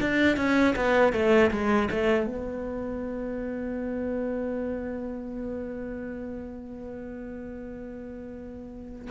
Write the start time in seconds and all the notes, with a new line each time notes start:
0.00 D4
0.37 C#4
0.76 B3
1.13 A3
1.51 G#3
1.91 A3
2.26 B3